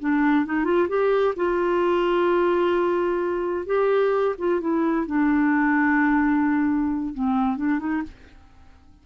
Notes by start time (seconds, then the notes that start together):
0.00 D4
0.46 D#4
0.65 F4
0.89 G4
1.36 F4
3.67 G4
4.39 F4
4.61 E4
5.07 D4
7.15 C4
7.57 D4
7.80 D#4